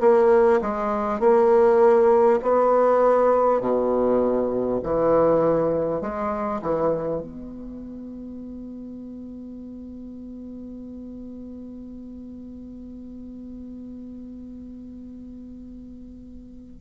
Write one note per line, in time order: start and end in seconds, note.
0.00 0.60 A#3
0.61 1.19 G#3
1.19 2.39 A#3
2.42 3.61 B3
3.61 4.81 B2
4.83 6.01 E3
6.01 6.61 G#3
6.62 7.21 E3
7.21 16.81 B3